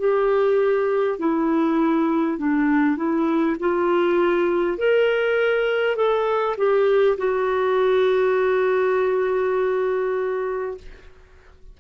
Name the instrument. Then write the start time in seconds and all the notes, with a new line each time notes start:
clarinet
0.00 G4
1.19 E4
2.38 D4
2.97 E4
3.60 F4
4.78 A#4
5.96 A4
6.58 G4
7.18 F#4